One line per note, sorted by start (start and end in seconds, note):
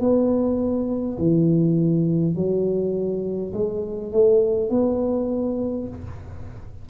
0.00 1.18 B3
1.18 2.35 E3
2.35 3.53 F#3
3.53 4.12 G#3
4.12 4.70 A3
4.70 5.88 B3